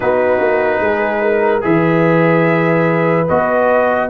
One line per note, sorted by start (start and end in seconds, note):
0.00 0.40 B3
0.00 1.61 D#4
0.00 0.81 F#4
0.00 1.63 B4
0.40 0.80 A#3
0.80 1.62 G#3
0.80 1.22 G#4
1.22 1.63 A#4
1.61 3.29 E3
1.61 3.25 G#4
1.61 4.10 B4
1.61 3.28 E5
3.28 4.10 B3
3.28 4.10 F#4
3.28 4.10 D#5